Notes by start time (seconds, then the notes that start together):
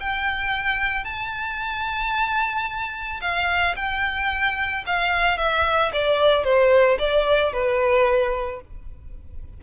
0.00 G5
1.04 A5
3.21 F5
3.76 G5
4.86 F5
5.38 E5
5.93 D5
6.44 C5
6.99 D5
7.53 B4